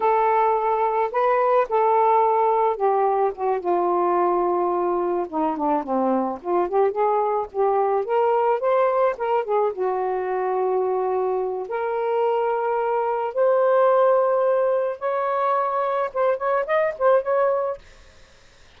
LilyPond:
\new Staff \with { instrumentName = "saxophone" } { \time 4/4 \tempo 4 = 108 a'2 b'4 a'4~ | a'4 g'4 fis'8 f'4.~ | f'4. dis'8 d'8 c'4 f'8 | g'8 gis'4 g'4 ais'4 c''8~ |
c''8 ais'8 gis'8 fis'2~ fis'8~ | fis'4 ais'2. | c''2. cis''4~ | cis''4 c''8 cis''8 dis''8 c''8 cis''4 | }